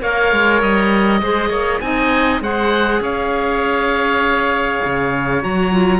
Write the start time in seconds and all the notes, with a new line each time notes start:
0.00 A#3 A#4 C#5 F5
0.32 G#3
0.61 G3 D#5
1.22 G#3 G#4 C5
1.49 A#3 C#5
1.80 C4 D#4 D#5 G#5
2.40 G#3 G#4 C5 F#5
3.00 C#4 C#5 F5
4.84 C#3
5.42 F#3 F#4 A#5
5.71 F4